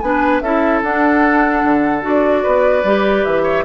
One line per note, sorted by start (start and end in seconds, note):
0.00 0.41 B3
0.00 0.43 D4
0.00 0.43 B4
0.00 0.41 G#5
0.41 0.82 C#4
0.41 0.84 E4
0.41 2.43 A4
0.41 0.81 E5
0.83 1.64 D4
0.83 2.02 D4
0.83 2.04 F#5
1.64 2.04 D3
2.02 2.44 D4
2.02 2.83 F#4
2.02 3.25 D5
2.43 2.84 B3
2.43 3.43 B4
2.84 3.24 G3
2.84 3.65 G4
3.25 3.65 E3
3.25 3.65 E5
3.43 3.63 C#5